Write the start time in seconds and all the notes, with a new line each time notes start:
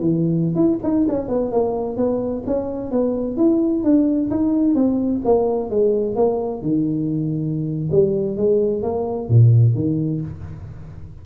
0.00 E3
0.55 E4
0.83 D#4
1.08 C#4
1.29 B3
1.52 A#3
1.97 B3
2.46 C#4
2.91 B3
3.37 E4
3.84 D4
4.30 D#4
4.75 C4
5.25 A#3
5.70 G#3
6.16 A#3
6.62 D#3
7.92 G3
8.37 G#3
8.82 A#3
9.29 A#2
9.75 D#3